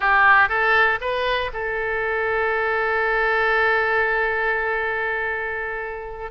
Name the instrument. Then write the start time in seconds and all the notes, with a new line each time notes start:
oboe
0.00 G4
0.48 A4
1.01 B4
1.53 A4